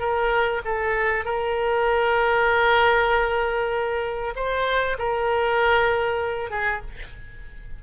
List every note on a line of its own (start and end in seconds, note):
0.00 0.62 A#4
0.65 1.25 A4
1.25 4.34 A#4
4.36 4.98 C5
4.99 6.51 A#4
6.51 6.82 G#4